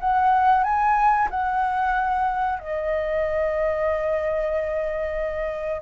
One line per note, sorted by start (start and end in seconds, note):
0.00 0.64 F#5
0.64 1.28 G#5
1.30 2.60 F#5
2.60 5.82 D#5